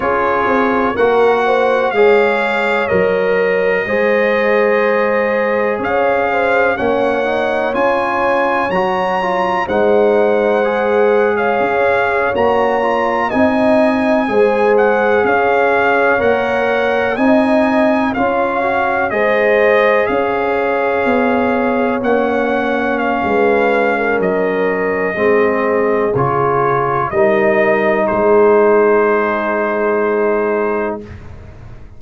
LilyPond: <<
  \new Staff \with { instrumentName = "trumpet" } { \time 4/4 \tempo 4 = 62 cis''4 fis''4 f''4 dis''4~ | dis''2 f''4 fis''4 | gis''4 ais''4 fis''4.~ fis''16 f''16~ | f''8. ais''4 gis''4. fis''8 f''16~ |
f''8. fis''4 gis''4 f''4 dis''16~ | dis''8. f''2 fis''4 f''16~ | f''4 dis''2 cis''4 | dis''4 c''2. | }
  \new Staff \with { instrumentName = "horn" } { \time 4/4 gis'4 ais'8 c''8 cis''2 | c''2 cis''8 c''8 cis''4~ | cis''2 c''4.~ c''16 cis''16~ | cis''4.~ cis''16 dis''4 c''4 cis''16~ |
cis''4.~ cis''16 dis''4 cis''4 c''16~ | c''8. cis''2.~ cis''16 | b'8. ais'4~ ais'16 gis'2 | ais'4 gis'2. | }
  \new Staff \with { instrumentName = "trombone" } { \time 4/4 f'4 fis'4 gis'4 ais'4 | gis'2. cis'8 dis'8 | f'4 fis'8 f'8 dis'4 gis'4~ | gis'8. fis'8 f'8 dis'4 gis'4~ gis'16~ |
gis'8. ais'4 dis'4 f'8 fis'8 gis'16~ | gis'2~ gis'8. cis'4~ cis'16~ | cis'2 c'4 f'4 | dis'1 | }
  \new Staff \with { instrumentName = "tuba" } { \time 4/4 cis'8 c'8 ais4 gis4 fis4 | gis2 cis'4 ais4 | cis'4 fis4 gis2 | cis'8. ais4 c'4 gis4 cis'16~ |
cis'8. ais4 c'4 cis'4 gis16~ | gis8. cis'4 b4 ais4~ ais16 | gis4 fis4 gis4 cis4 | g4 gis2. | }
>>